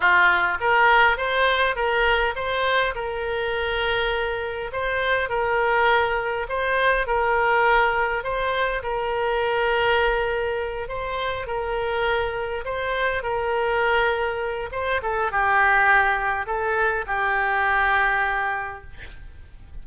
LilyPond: \new Staff \with { instrumentName = "oboe" } { \time 4/4 \tempo 4 = 102 f'4 ais'4 c''4 ais'4 | c''4 ais'2. | c''4 ais'2 c''4 | ais'2 c''4 ais'4~ |
ais'2~ ais'8 c''4 ais'8~ | ais'4. c''4 ais'4.~ | ais'4 c''8 a'8 g'2 | a'4 g'2. | }